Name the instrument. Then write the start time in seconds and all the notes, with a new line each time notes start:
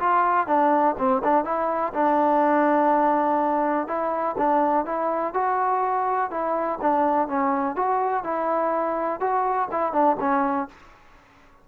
trombone
0.00 F4
0.47 D4
0.99 C4
1.24 D4
1.45 E4
1.94 D4
3.88 E4
4.38 D4
4.86 E4
5.34 F#4
6.31 E4
6.82 D4
7.28 C#4
7.76 F#4
8.24 E4
9.21 F#4
9.72 E4
9.93 D4
10.20 C#4